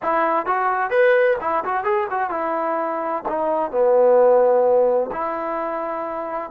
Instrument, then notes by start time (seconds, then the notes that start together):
trombone
0.02 E4
0.46 F#4
0.90 B4
1.40 E4
1.64 F#4
1.84 G#4
2.10 F#4
2.30 E4
3.28 D#4
3.71 B3
5.12 E4